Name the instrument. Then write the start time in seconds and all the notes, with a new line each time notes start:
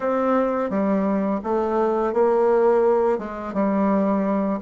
bassoon
0.00 C4
0.70 G3
1.43 A3
2.13 A#3
3.18 G#3
3.53 G3